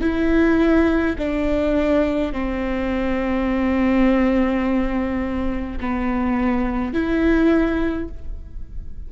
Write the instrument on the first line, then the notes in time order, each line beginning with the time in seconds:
viola
0.00 E4
1.18 D4
2.32 C4
5.80 B3
6.93 E4